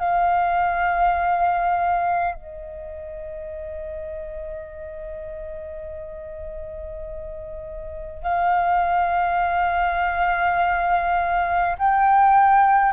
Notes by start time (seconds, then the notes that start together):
0.00 F5
2.35 D#5
8.24 F5
11.79 G5